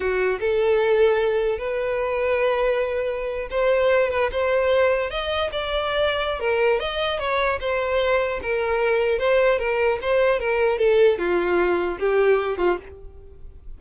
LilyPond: \new Staff \with { instrumentName = "violin" } { \time 4/4 \tempo 4 = 150 fis'4 a'2. | b'1~ | b'8. c''4. b'8 c''4~ c''16~ | c''8. dis''4 d''2~ d''16 |
ais'4 dis''4 cis''4 c''4~ | c''4 ais'2 c''4 | ais'4 c''4 ais'4 a'4 | f'2 g'4. f'8 | }